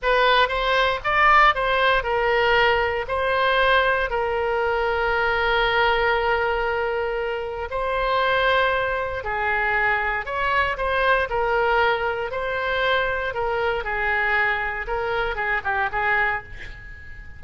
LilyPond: \new Staff \with { instrumentName = "oboe" } { \time 4/4 \tempo 4 = 117 b'4 c''4 d''4 c''4 | ais'2 c''2 | ais'1~ | ais'2. c''4~ |
c''2 gis'2 | cis''4 c''4 ais'2 | c''2 ais'4 gis'4~ | gis'4 ais'4 gis'8 g'8 gis'4 | }